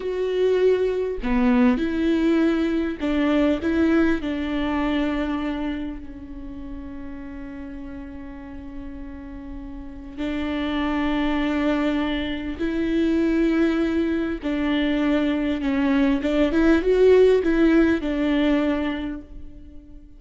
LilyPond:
\new Staff \with { instrumentName = "viola" } { \time 4/4 \tempo 4 = 100 fis'2 b4 e'4~ | e'4 d'4 e'4 d'4~ | d'2 cis'2~ | cis'1~ |
cis'4 d'2.~ | d'4 e'2. | d'2 cis'4 d'8 e'8 | fis'4 e'4 d'2 | }